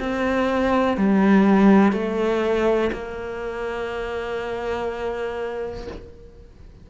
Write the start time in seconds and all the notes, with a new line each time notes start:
0.00 C4
0.97 G3
1.93 A3
2.93 A#3